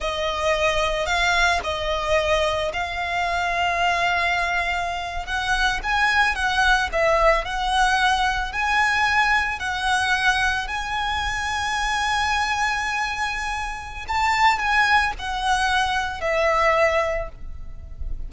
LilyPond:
\new Staff \with { instrumentName = "violin" } { \time 4/4 \tempo 4 = 111 dis''2 f''4 dis''4~ | dis''4 f''2.~ | f''4.~ f''16 fis''4 gis''4 fis''16~ | fis''8. e''4 fis''2 gis''16~ |
gis''4.~ gis''16 fis''2 gis''16~ | gis''1~ | gis''2 a''4 gis''4 | fis''2 e''2 | }